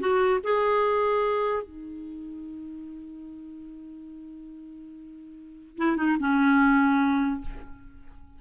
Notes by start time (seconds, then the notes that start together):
0.00 F#4
0.44 G#4
1.63 D#4
5.78 E4
5.97 D#4
6.20 C#4